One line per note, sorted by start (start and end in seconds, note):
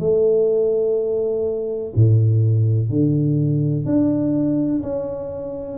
0.00 1.94 A3
1.96 2.90 A2
2.90 3.86 D3
3.86 4.83 D4
4.83 5.78 C#4